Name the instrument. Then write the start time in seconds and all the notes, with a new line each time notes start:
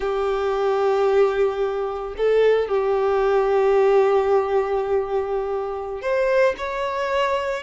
violin
0.00 G4
2.17 A4
2.68 G4
6.01 C5
6.57 C#5